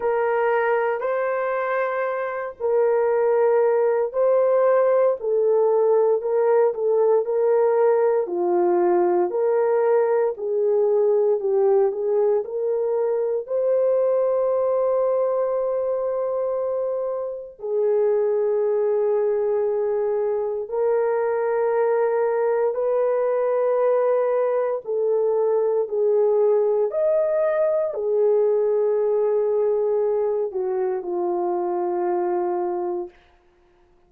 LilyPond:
\new Staff \with { instrumentName = "horn" } { \time 4/4 \tempo 4 = 58 ais'4 c''4. ais'4. | c''4 a'4 ais'8 a'8 ais'4 | f'4 ais'4 gis'4 g'8 gis'8 | ais'4 c''2.~ |
c''4 gis'2. | ais'2 b'2 | a'4 gis'4 dis''4 gis'4~ | gis'4. fis'8 f'2 | }